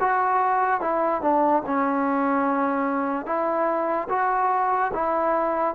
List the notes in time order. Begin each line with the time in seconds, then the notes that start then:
0.00 F#4
0.81 E4
1.22 D4
1.66 C#4
3.26 E4
4.09 F#4
4.94 E4